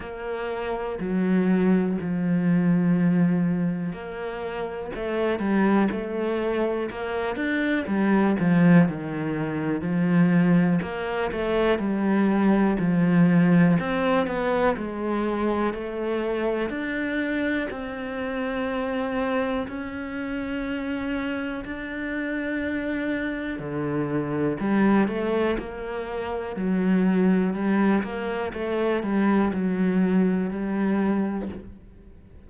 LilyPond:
\new Staff \with { instrumentName = "cello" } { \time 4/4 \tempo 4 = 61 ais4 fis4 f2 | ais4 a8 g8 a4 ais8 d'8 | g8 f8 dis4 f4 ais8 a8 | g4 f4 c'8 b8 gis4 |
a4 d'4 c'2 | cis'2 d'2 | d4 g8 a8 ais4 fis4 | g8 ais8 a8 g8 fis4 g4 | }